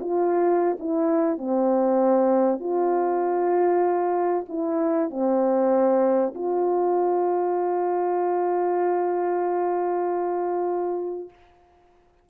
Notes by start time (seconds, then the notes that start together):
0.00 F4
0.80 E4
1.38 C4
2.60 F4
4.49 E4
5.10 C4
6.35 F4